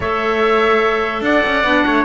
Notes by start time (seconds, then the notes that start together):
0.00 A3 A4 C#5 E5
1.21 D4 D5 F#5
1.46 C#4
1.63 B3 D4
1.85 A3 C#5